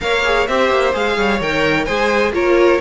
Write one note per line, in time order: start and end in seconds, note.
0.00 0.48 A#3
0.00 0.24 A#4
0.00 0.48 C#5
0.00 0.47 F5
0.24 0.48 G#4
0.47 0.70 C4
0.47 0.93 G4
0.47 1.16 C5
0.47 0.94 E5
0.70 0.93 A#3
0.93 1.17 G#3
0.93 1.40 G#4
0.93 1.41 F5
1.16 1.40 G3
1.16 1.85 C#5
1.40 1.87 D#3
1.40 1.87 A#4
1.40 1.85 G5
1.85 2.32 G#3
1.85 2.33 G#4
1.85 2.32 C5
1.85 2.32 G#5
2.32 2.78 A#3
2.32 2.79 F4
2.32 2.81 A#4
2.32 2.81 C#5